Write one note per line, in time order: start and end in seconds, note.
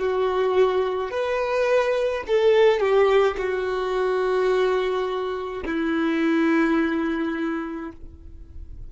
0.00 1.11 F#4
1.11 2.24 B4
2.27 2.80 A4
2.80 3.37 G4
3.38 5.64 F#4
5.66 7.92 E4